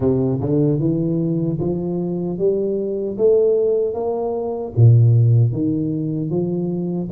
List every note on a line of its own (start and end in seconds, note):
0.00 0.39 C3
0.41 0.79 D3
0.79 1.58 E3
1.59 2.38 F3
2.38 3.17 G3
3.17 3.94 A3
3.94 4.73 A#3
4.76 5.52 A#2
5.52 6.29 D#3
6.29 7.08 F3